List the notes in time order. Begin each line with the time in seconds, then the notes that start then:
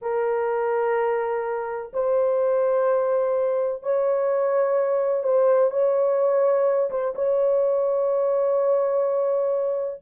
0.01 A#4
1.93 C5
3.82 C#5
5.23 C5
5.71 C#5
6.90 C5
7.15 C#5